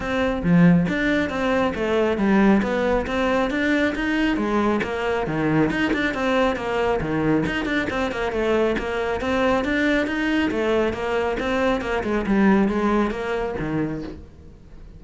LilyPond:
\new Staff \with { instrumentName = "cello" } { \time 4/4 \tempo 4 = 137 c'4 f4 d'4 c'4 | a4 g4 b4 c'4 | d'4 dis'4 gis4 ais4 | dis4 dis'8 d'8 c'4 ais4 |
dis4 dis'8 d'8 c'8 ais8 a4 | ais4 c'4 d'4 dis'4 | a4 ais4 c'4 ais8 gis8 | g4 gis4 ais4 dis4 | }